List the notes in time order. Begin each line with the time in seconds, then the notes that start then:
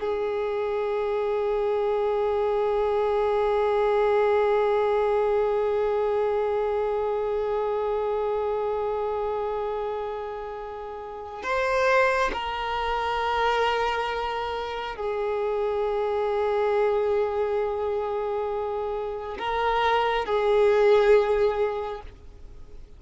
0.00 G#4
11.43 C5
12.33 A#4
14.96 G#4
19.39 A#4
20.25 G#4